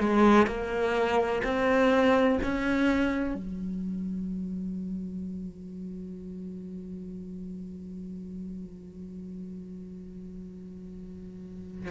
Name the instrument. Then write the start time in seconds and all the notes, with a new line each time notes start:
cello
0.00 G#3
0.47 A#3
1.44 C4
2.43 C#4
3.34 F#3